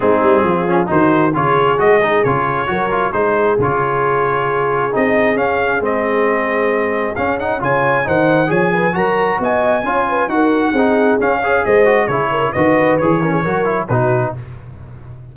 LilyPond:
<<
  \new Staff \with { instrumentName = "trumpet" } { \time 4/4 \tempo 4 = 134 gis'2 c''4 cis''4 | dis''4 cis''2 c''4 | cis''2. dis''4 | f''4 dis''2. |
f''8 fis''8 gis''4 fis''4 gis''4 | ais''4 gis''2 fis''4~ | fis''4 f''4 dis''4 cis''4 | dis''4 cis''2 b'4 | }
  \new Staff \with { instrumentName = "horn" } { \time 4/4 dis'4 f'4 fis'4 gis'4~ | gis'2 ais'4 gis'4~ | gis'1~ | gis'1~ |
gis'4 cis''4 c''4 cis''8 b'8 | ais'4 dis''4 cis''8 b'8 ais'4 | gis'4. cis''8 c''4 gis'8 ais'8 | b'4. ais'16 gis'16 ais'4 fis'4 | }
  \new Staff \with { instrumentName = "trombone" } { \time 4/4 c'4. cis'8 dis'4 f'4 | fis'8 dis'8 f'4 fis'8 f'8 dis'4 | f'2. dis'4 | cis'4 c'2. |
cis'8 dis'8 f'4 dis'4 gis'4 | fis'2 f'4 fis'4 | dis'4 cis'8 gis'4 fis'8 e'4 | fis'4 gis'8 cis'8 fis'8 e'8 dis'4 | }
  \new Staff \with { instrumentName = "tuba" } { \time 4/4 gis8 g8 f4 dis4 cis4 | gis4 cis4 fis4 gis4 | cis2. c'4 | cis'4 gis2. |
cis'4 cis4 dis4 f4 | fis4 b4 cis'4 dis'4 | c'4 cis'4 gis4 cis4 | dis4 e4 fis4 b,4 | }
>>